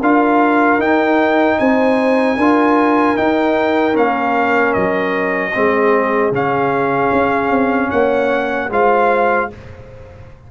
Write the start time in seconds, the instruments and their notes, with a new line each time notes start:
0.00 tuba D4, trombone F4, horn A#4, trumpet F5
0.79 tuba D#4, trombone D#4, trumpet G5
1.59 tuba C4, horn C5, trumpet G#5
2.37 tuba D4, trombone F4, horn A#4
3.16 trombone D#4, tuba D#4, trumpet G5
3.94 tuba A#3, trombone C#4, trumpet F5
4.74 tuba F#3, trumpet D#5
5.54 tuba G#3, trombone C4, horn G#4
6.32 tuba C#3, trombone C#4, trumpet F5
7.12 tuba C#4
7.50 tuba C4
7.90 tuba A#3, horn C#5, trumpet F#5
8.70 tuba G#3, trombone F4, horn C5, trumpet F5